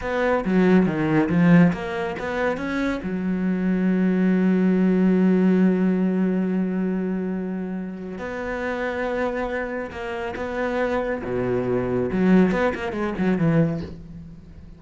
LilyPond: \new Staff \with { instrumentName = "cello" } { \time 4/4 \tempo 4 = 139 b4 fis4 dis4 f4 | ais4 b4 cis'4 fis4~ | fis1~ | fis1~ |
fis2. b4~ | b2. ais4 | b2 b,2 | fis4 b8 ais8 gis8 fis8 e4 | }